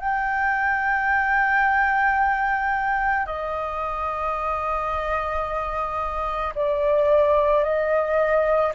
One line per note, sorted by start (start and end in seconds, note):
0.00 3.26 G5
3.26 6.54 D#5
6.55 7.64 D5
7.64 8.73 D#5